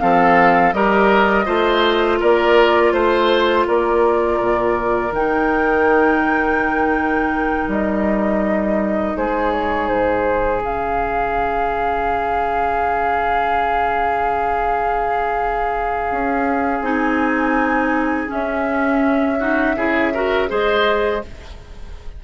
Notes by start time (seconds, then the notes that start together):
0.00 F3 C4 A4 F5
0.73 G3 G4 A#4 D#5
1.46 A3 F4 C5
2.20 A#3 A#4 D5
2.93 A3 C5
3.68 A#3 A#4 D5
4.41 A#2
5.12 D#3 D#4 G5
7.68 G3 D#5
9.17 G#3 G#4 C5
9.52 C#5
9.88 G#2 C5
10.61 C#3 C#4 F5
16.11 C#4
16.81 C4 D#4 G#5
18.28 C#4 E5
19.39 D#4 F#4
19.77 C#3 E4 G#4
20.14 F#4 A#4
20.49 G#3 G#4 C5 D#5